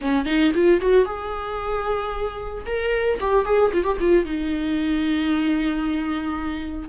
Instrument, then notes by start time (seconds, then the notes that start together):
viola
0.01 C#4
0.25 D#4
0.54 F4
0.81 F#4
1.05 G#4
2.65 A#4
3.20 G4
3.45 G#4
3.73 F4
3.84 G4
3.99 F4
4.25 D#4